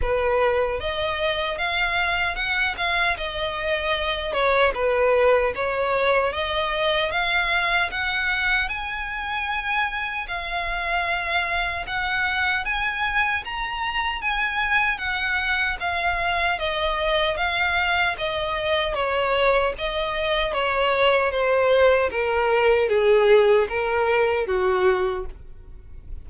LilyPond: \new Staff \with { instrumentName = "violin" } { \time 4/4 \tempo 4 = 76 b'4 dis''4 f''4 fis''8 f''8 | dis''4. cis''8 b'4 cis''4 | dis''4 f''4 fis''4 gis''4~ | gis''4 f''2 fis''4 |
gis''4 ais''4 gis''4 fis''4 | f''4 dis''4 f''4 dis''4 | cis''4 dis''4 cis''4 c''4 | ais'4 gis'4 ais'4 fis'4 | }